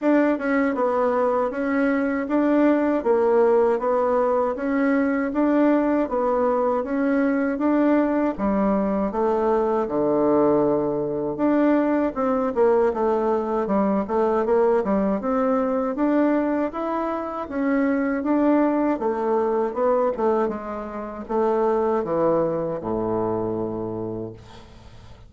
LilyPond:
\new Staff \with { instrumentName = "bassoon" } { \time 4/4 \tempo 4 = 79 d'8 cis'8 b4 cis'4 d'4 | ais4 b4 cis'4 d'4 | b4 cis'4 d'4 g4 | a4 d2 d'4 |
c'8 ais8 a4 g8 a8 ais8 g8 | c'4 d'4 e'4 cis'4 | d'4 a4 b8 a8 gis4 | a4 e4 a,2 | }